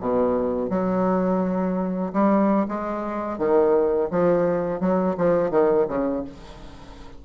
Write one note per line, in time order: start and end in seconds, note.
0.00 0.69 B2
0.69 2.12 F#3
2.13 2.66 G3
2.68 3.38 G#3
3.38 4.09 D#3
4.10 4.80 F3
4.80 5.16 F#3
5.17 5.50 F3
5.50 5.86 D#3
5.88 6.24 C#3